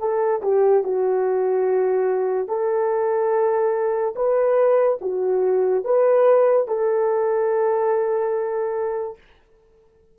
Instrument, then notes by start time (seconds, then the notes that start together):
horn
0.00 A4
0.42 G4
0.84 F#4
2.48 A4
4.16 B4
5.02 F#4
5.85 B4
6.68 A4